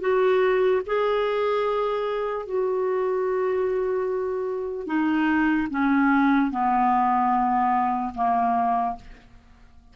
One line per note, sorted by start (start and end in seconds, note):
0.00 0.81 F#4
0.86 2.45 G#4
2.45 4.86 F#4
4.86 5.68 D#4
5.70 6.51 C#4
6.51 8.13 B3
8.14 8.96 A#3